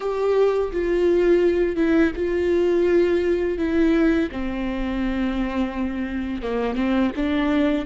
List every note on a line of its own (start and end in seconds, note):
0.00 0.71 G4
0.72 1.76 F4
1.76 2.11 E4
2.15 3.57 F4
3.57 4.29 E4
4.31 6.42 C4
6.42 6.75 A#3
6.75 7.10 C4
7.16 7.85 D4